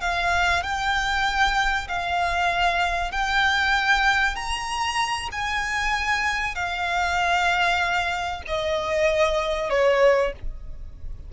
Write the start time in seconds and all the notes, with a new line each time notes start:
0.00 F5
0.62 G5
1.88 F5
3.11 G5
4.35 A#5
5.31 G#5
6.54 F5
8.47 D#5
9.70 C#5